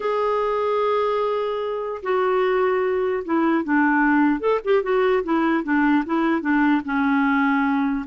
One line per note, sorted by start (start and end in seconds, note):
0.00 2.01 G#4
2.02 3.23 F#4
3.24 3.64 E4
3.64 4.40 D4
4.40 4.60 A4
4.64 4.82 G4
4.82 5.23 F#4
5.23 5.63 E4
5.63 6.03 D4
6.05 6.41 E4
6.41 6.81 D4
6.84 8.05 C#4